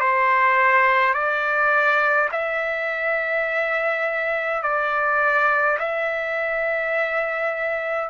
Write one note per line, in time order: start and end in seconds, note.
0.00 1.14 C5
1.14 2.29 D5
2.32 4.63 E5
4.63 5.78 D5
5.78 8.09 E5